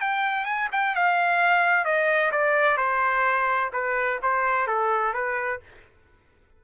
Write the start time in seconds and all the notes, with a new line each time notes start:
0.00 G5
0.45 G#5
0.72 G5
0.95 F5
1.84 D#5
2.31 D5
2.77 C5
3.73 B4
4.22 C5
4.67 A4
5.13 B4